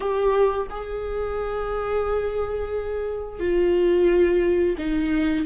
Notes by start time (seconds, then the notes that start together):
0.00 G4
0.69 G#4
3.39 F4
4.77 D#4